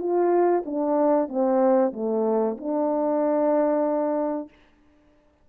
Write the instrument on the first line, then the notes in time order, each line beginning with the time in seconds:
horn
0.00 F4
0.66 D4
1.29 C4
1.93 A3
2.58 D4